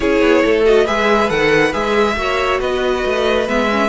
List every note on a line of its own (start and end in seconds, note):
0.00 0.21 C#4
0.00 0.65 E4
0.00 0.43 G#4
0.00 0.64 C#5
0.21 0.43 B3
0.43 0.88 A3
0.43 0.84 A4
0.65 0.86 F#4
0.65 0.87 D#5
0.84 1.30 G#3
0.84 1.28 G#4
0.84 2.15 B4
0.84 1.29 E5
1.28 1.73 D#3
1.28 1.71 A4
1.28 1.73 F#5
1.73 2.16 G#3
1.73 2.16 G#4
1.73 2.60 E5
2.16 2.59 A#3
2.16 3.47 F#4
2.16 2.60 C#5
2.60 3.04 B3
2.60 3.88 B4
2.60 3.47 D#5
3.05 3.48 A3
3.47 3.88 G#3
3.47 3.69 B3
3.47 3.88 E5
3.71 3.88 C#4